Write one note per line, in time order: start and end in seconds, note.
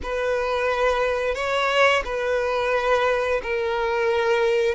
0.02 1.35 B4
1.35 2.03 C#5
2.05 3.41 B4
3.42 4.74 A#4